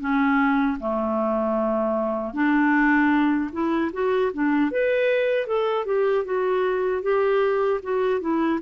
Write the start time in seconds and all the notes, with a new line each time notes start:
0.00 C#4
0.80 A3
2.33 D4
3.52 E4
3.93 F#4
4.33 D4
4.71 B4
5.47 A4
5.86 G4
6.25 F#4
7.02 G4
7.83 F#4
8.21 E4